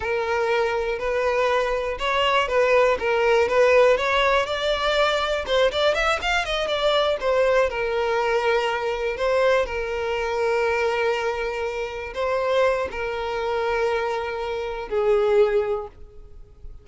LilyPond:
\new Staff \with { instrumentName = "violin" } { \time 4/4 \tempo 4 = 121 ais'2 b'2 | cis''4 b'4 ais'4 b'4 | cis''4 d''2 c''8 d''8 | e''8 f''8 dis''8 d''4 c''4 ais'8~ |
ais'2~ ais'8 c''4 ais'8~ | ais'1~ | ais'8 c''4. ais'2~ | ais'2 gis'2 | }